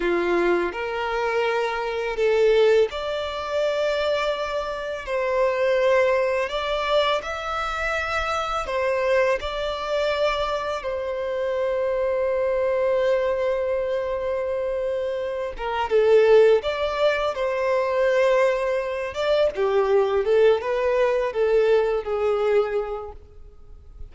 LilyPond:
\new Staff \with { instrumentName = "violin" } { \time 4/4 \tempo 4 = 83 f'4 ais'2 a'4 | d''2. c''4~ | c''4 d''4 e''2 | c''4 d''2 c''4~ |
c''1~ | c''4. ais'8 a'4 d''4 | c''2~ c''8 d''8 g'4 | a'8 b'4 a'4 gis'4. | }